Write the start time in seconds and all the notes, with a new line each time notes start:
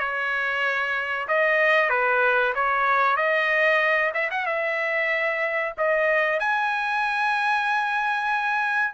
0.00 C#5
1.28 D#5
1.90 B4
2.55 C#5
3.17 D#5
4.14 E5
4.31 F#5
4.46 E5
5.78 D#5
6.40 G#5